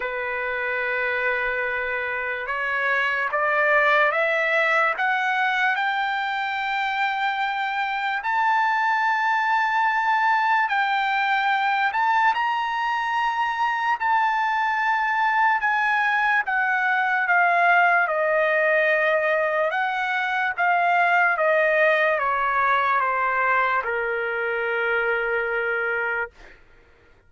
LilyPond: \new Staff \with { instrumentName = "trumpet" } { \time 4/4 \tempo 4 = 73 b'2. cis''4 | d''4 e''4 fis''4 g''4~ | g''2 a''2~ | a''4 g''4. a''8 ais''4~ |
ais''4 a''2 gis''4 | fis''4 f''4 dis''2 | fis''4 f''4 dis''4 cis''4 | c''4 ais'2. | }